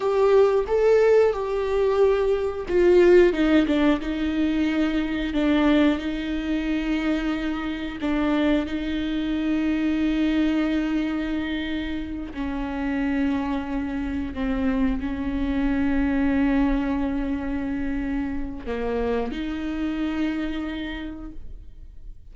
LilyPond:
\new Staff \with { instrumentName = "viola" } { \time 4/4 \tempo 4 = 90 g'4 a'4 g'2 | f'4 dis'8 d'8 dis'2 | d'4 dis'2. | d'4 dis'2.~ |
dis'2~ dis'8 cis'4.~ | cis'4. c'4 cis'4.~ | cis'1 | ais4 dis'2. | }